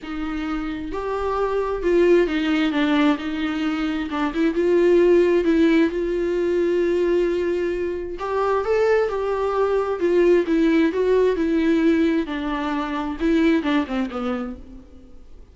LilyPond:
\new Staff \with { instrumentName = "viola" } { \time 4/4 \tempo 4 = 132 dis'2 g'2 | f'4 dis'4 d'4 dis'4~ | dis'4 d'8 e'8 f'2 | e'4 f'2.~ |
f'2 g'4 a'4 | g'2 f'4 e'4 | fis'4 e'2 d'4~ | d'4 e'4 d'8 c'8 b4 | }